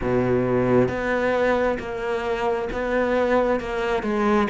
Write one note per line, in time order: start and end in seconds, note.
0.01 0.88 B2
0.88 1.77 B3
1.79 2.69 A#3
2.72 3.59 B3
3.59 4.03 A#3
4.03 4.47 G#3